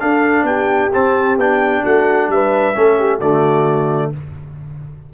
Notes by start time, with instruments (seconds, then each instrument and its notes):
0.00 trombone D4, tuba D4, horn A4, trumpet F5
0.43 tuba B3, horn G4, trumpet G5
0.93 trombone C4, tuba C4, trumpet A5
1.37 tuba B3, trombone D4, trumpet G5
1.84 tuba A3, horn F#4, trumpet F#5
2.28 tuba G3, horn B4, trumpet E5
2.75 tuba A3, trombone C#4, horn A4
2.99 horn G4
3.18 tuba D3, trombone A3, horn F#4, trumpet D5